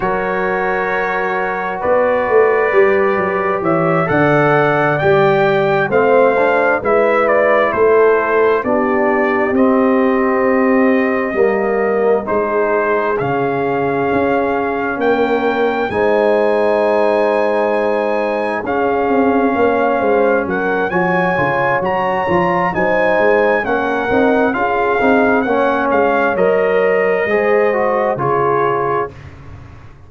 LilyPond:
<<
  \new Staff \with { instrumentName = "trumpet" } { \time 4/4 \tempo 4 = 66 cis''2 d''2 | e''8 fis''4 g''4 f''4 e''8 | d''8 c''4 d''4 dis''4.~ | dis''4. c''4 f''4.~ |
f''8 g''4 gis''2~ gis''8~ | gis''8 f''2 fis''8 gis''4 | ais''4 gis''4 fis''4 f''4 | fis''8 f''8 dis''2 cis''4 | }
  \new Staff \with { instrumentName = "horn" } { \time 4/4 ais'2 b'2 | cis''8 d''2 c''4 b'8~ | b'8 a'4 g'2~ g'8~ | g'8 ais'4 gis'2~ gis'8~ |
gis'8 ais'4 c''2~ c''8~ | c''8 gis'4 cis''8 c''8 ais'8 cis''4~ | cis''4 c''4 ais'4 gis'4 | cis''2 c''4 gis'4 | }
  \new Staff \with { instrumentName = "trombone" } { \time 4/4 fis'2. g'4~ | g'8 a'4 g'4 c'8 d'8 e'8~ | e'4. d'4 c'4.~ | c'8 ais4 dis'4 cis'4.~ |
cis'4. dis'2~ dis'8~ | dis'8 cis'2~ cis'8 fis'8 f'8 | fis'8 f'8 dis'4 cis'8 dis'8 f'8 dis'8 | cis'4 ais'4 gis'8 fis'8 f'4 | }
  \new Staff \with { instrumentName = "tuba" } { \time 4/4 fis2 b8 a8 g8 fis8 | e8 d4 g4 a4 gis8~ | gis8 a4 b4 c'4.~ | c'8 g4 gis4 cis4 cis'8~ |
cis'8 ais4 gis2~ gis8~ | gis8 cis'8 c'8 ais8 gis8 fis8 f8 cis8 | fis8 f8 fis8 gis8 ais8 c'8 cis'8 c'8 | ais8 gis8 fis4 gis4 cis4 | }
>>